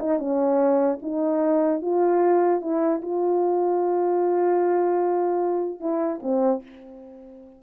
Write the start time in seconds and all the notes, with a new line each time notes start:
0.00 D#4
0.19 C#4
1.02 D#4
1.82 F4
2.62 E4
3.02 F4
5.81 E4
6.23 C4